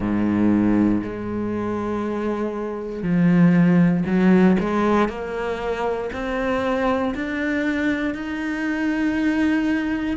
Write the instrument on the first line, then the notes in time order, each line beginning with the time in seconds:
cello
0.00 G#2
1.03 G#3
3.02 F3
4.05 F#3
4.59 G#3
5.08 A#3
6.12 C4
7.14 D4
8.14 D#4